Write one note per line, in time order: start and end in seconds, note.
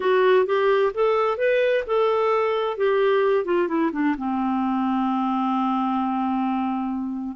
0.00 0.46 F#4
0.46 0.92 G4
0.94 1.37 A4
1.37 1.83 B4
1.87 2.77 A4
2.77 3.44 G4
3.44 3.67 F4
3.67 3.90 E4
3.92 4.15 D4
4.17 7.36 C4